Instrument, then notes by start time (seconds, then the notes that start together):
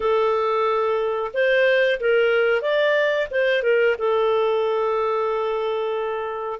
clarinet
0.00 A4
1.33 C5
1.99 A#4
2.61 D5
3.30 C5
3.63 A#4
3.98 A4